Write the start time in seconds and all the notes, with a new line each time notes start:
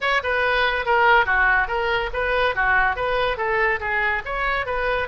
0.00 C#5
0.23 B4
0.85 A#4
1.25 F#4
1.67 A#4
2.13 B4
2.55 F#4
2.96 B4
3.37 A4
3.80 G#4
4.25 C#5
4.66 B4